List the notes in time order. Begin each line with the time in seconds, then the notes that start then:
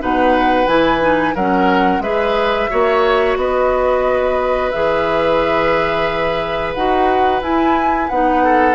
0.00 B2 D#4 B4 F#5
0.67 E3 E4 G#5
1.01 D#4
1.35 F#3 C#4 A#4 F#5
2.00 G#3 G#4 B4 E5
2.70 A#3 F#4 C#5
3.37 B3 B4 D#5
4.71 E3 G#4 E5
6.74 D#4 F#4 F#5
7.42 E4 G#5
8.09 B3 D#4 F#5
8.44 A4